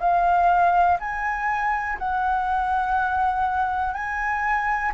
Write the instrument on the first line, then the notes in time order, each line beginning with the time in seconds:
flute
0.00 F5
1.00 G#5
1.99 F#5
3.93 G#5